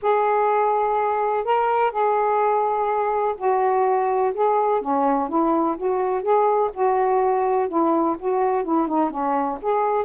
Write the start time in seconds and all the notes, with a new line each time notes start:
0.02 G#4
1.44 A#4
1.91 G#4
3.37 F#4
4.34 G#4
4.81 C#4
5.28 E4
5.77 F#4
6.22 G#4
6.73 F#4
7.68 E4
8.19 F#4
8.64 E4
8.87 D#4
9.10 C#4
9.61 G#4